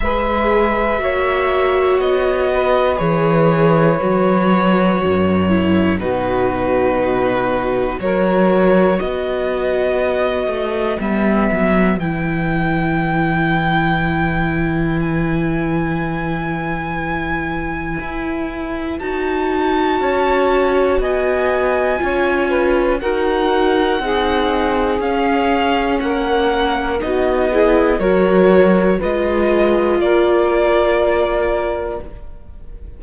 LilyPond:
<<
  \new Staff \with { instrumentName = "violin" } { \time 4/4 \tempo 4 = 60 e''2 dis''4 cis''4~ | cis''2 b'2 | cis''4 dis''2 e''4 | g''2. gis''4~ |
gis''2. a''4~ | a''4 gis''2 fis''4~ | fis''4 f''4 fis''4 dis''4 | cis''4 dis''4 d''2 | }
  \new Staff \with { instrumentName = "saxophone" } { \time 4/4 b'4 cis''4. b'4.~ | b'4 ais'4 fis'2 | ais'4 b'2.~ | b'1~ |
b'1 | cis''4 dis''4 cis''8 b'8 ais'4 | gis'2 ais'4 fis'8 gis'8 | ais'4 b'4 ais'2 | }
  \new Staff \with { instrumentName = "viola" } { \time 4/4 gis'4 fis'2 gis'4 | fis'4. e'8 dis'2 | fis'2. b4 | e'1~ |
e'2. fis'4~ | fis'2 f'4 fis'4 | dis'4 cis'2 dis'8 e'8 | fis'4 f'2. | }
  \new Staff \with { instrumentName = "cello" } { \time 4/4 gis4 ais4 b4 e4 | fis4 fis,4 b,2 | fis4 b4. a8 g8 fis8 | e1~ |
e2 e'4 dis'4 | cis'4 b4 cis'4 dis'4 | c'4 cis'4 ais4 b4 | fis4 gis4 ais2 | }
>>